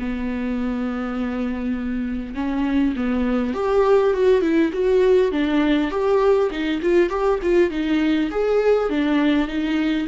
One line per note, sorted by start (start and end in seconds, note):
0.00 2.35 B3
2.35 2.95 C#4
2.97 3.55 B3
3.55 4.14 G4
4.14 4.42 F#4
4.42 4.72 E4
4.73 5.32 F#4
5.32 5.91 D4
5.91 6.50 G4
6.51 6.81 D#4
6.83 7.10 F4
7.10 7.40 G4
7.43 7.71 F4
7.71 8.30 D#4
8.31 8.90 G#4
8.90 9.48 D4
9.48 10.08 D#4